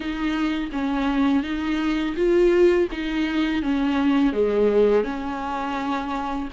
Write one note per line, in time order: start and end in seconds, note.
0.00 0.69 D#4
0.72 1.43 C#4
1.43 2.15 D#4
2.16 2.88 F4
2.91 3.62 D#4
3.62 4.32 C#4
4.32 5.03 G#3
5.03 6.48 C#4